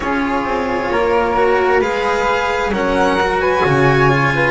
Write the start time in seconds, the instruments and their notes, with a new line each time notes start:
0.00 double bass C#4, cello F4, flute G#4, violin C#5
0.44 double bass C4
0.90 double bass A#3, flute A#4
1.36 cello F#4
1.79 double bass G#3, cello G#4, flute B4, violin F5
2.70 double bass F#3, cello C#4, flute A#4, violin F#5
3.20 cello F#4
3.41 flute B4, violin G#5
3.63 double bass C#3, flute C#5
4.09 cello F4
4.34 flute B4